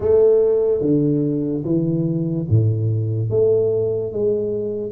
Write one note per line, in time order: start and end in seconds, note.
0.00 0.81 A3
0.81 1.63 D3
1.64 2.46 E3
2.49 3.30 A2
3.30 4.12 A3
4.12 4.92 G#3